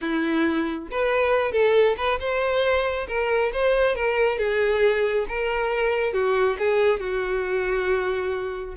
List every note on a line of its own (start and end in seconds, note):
0.01 0.88 E4
0.91 1.52 B4
1.52 1.95 A4
1.97 2.19 B4
2.19 3.07 C5
3.08 3.52 A#4
3.53 3.95 C5
3.95 4.38 A#4
4.38 5.26 G#4
5.28 6.13 A#4
6.13 6.57 F#4
6.59 7.00 G#4
7.00 8.75 F#4